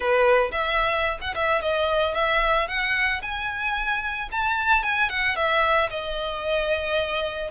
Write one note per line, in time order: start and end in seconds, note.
0.00 0.51 B4
0.51 1.18 E5
1.21 1.34 F#5
1.34 1.61 E5
1.61 2.14 D#5
2.14 2.67 E5
2.68 3.21 F#5
3.22 4.29 G#5
4.31 4.83 A5
4.83 5.09 G#5
5.09 5.35 F#5
5.35 5.89 E5
5.90 7.50 D#5